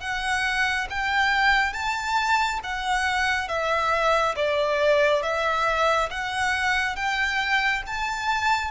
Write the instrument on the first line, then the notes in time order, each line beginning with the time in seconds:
violin
0.00 F#5
0.89 G5
1.72 A5
2.63 F#5
3.48 E5
4.35 D5
5.22 E5
6.10 F#5
6.95 G5
7.86 A5